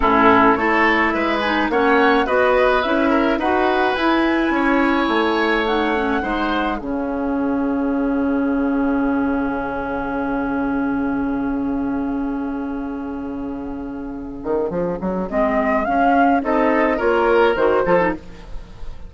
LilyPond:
<<
  \new Staff \with { instrumentName = "flute" } { \time 4/4 \tempo 4 = 106 a'4 cis''4 e''8 gis''8 fis''4 | dis''4 e''4 fis''4 gis''4~ | gis''2 fis''2 | f''1~ |
f''1~ | f''1~ | f''2. dis''4 | f''4 dis''4 cis''4 c''4 | }
  \new Staff \with { instrumentName = "oboe" } { \time 4/4 e'4 a'4 b'4 cis''4 | b'4. ais'8 b'2 | cis''2. c''4 | gis'1~ |
gis'1~ | gis'1~ | gis'1~ | gis'4 a'4 ais'4. a'8 | }
  \new Staff \with { instrumentName = "clarinet" } { \time 4/4 cis'4 e'4. dis'8 cis'4 | fis'4 e'4 fis'4 e'4~ | e'2 dis'8 cis'8 dis'4 | cis'1~ |
cis'1~ | cis'1~ | cis'2. c'4 | cis'4 dis'4 f'4 fis'8 f'16 dis'16 | }
  \new Staff \with { instrumentName = "bassoon" } { \time 4/4 a,4 a4 gis4 ais4 | b4 cis'4 dis'4 e'4 | cis'4 a2 gis4 | cis1~ |
cis1~ | cis1~ | cis4. dis8 f8 fis8 gis4 | cis'4 c'4 ais4 dis8 f8 | }
>>